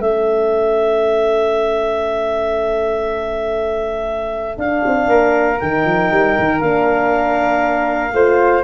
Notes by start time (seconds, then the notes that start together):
0.00 A3 C#4 A4 E5
4.57 D4 F5
4.86 C4
5.07 A#3 A#4
5.60 D#3 D#4 G5
5.85 F3
6.11 G3
6.39 D#3
6.60 A#3 D4 F5
8.13 A3 F4 C5